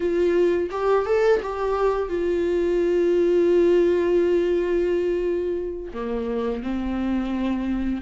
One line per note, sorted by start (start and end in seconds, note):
0.00 0.70 F4
0.70 1.05 G4
1.05 1.40 A4
1.42 2.08 G4
2.08 5.92 F4
5.93 6.62 A#3
6.62 8.01 C4